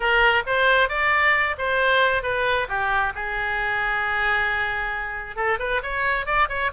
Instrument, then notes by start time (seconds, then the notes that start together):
oboe
0.00 A#4
0.46 C5
0.88 D5
1.58 C5
2.23 B4
2.68 G4
3.14 G#4
5.36 A4
5.59 B4
5.82 C#5
6.26 D5
6.48 C#5